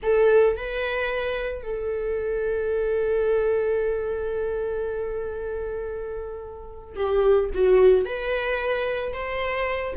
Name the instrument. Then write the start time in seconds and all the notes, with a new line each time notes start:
viola
0.02 A4
0.56 B4
1.62 A4
6.95 G4
7.53 F#4
8.05 B4
9.13 C5